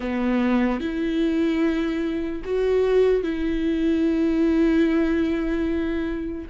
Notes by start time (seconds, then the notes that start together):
0.00 B3
0.80 E4
2.44 F#4
3.23 E4